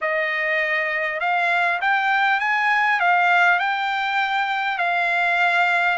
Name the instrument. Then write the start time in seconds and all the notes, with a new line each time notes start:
trumpet
0.01 D#5
1.20 F5
1.81 G5
2.40 G#5
3.00 F5
3.59 G5
4.78 F5